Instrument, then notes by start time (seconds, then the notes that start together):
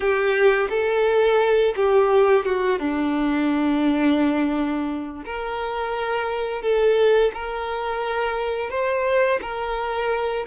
violin
0.00 G4
0.69 A4
1.75 G4
2.45 F#4
2.79 D4
5.25 A#4
6.62 A4
7.34 A#4
8.70 C5
9.41 A#4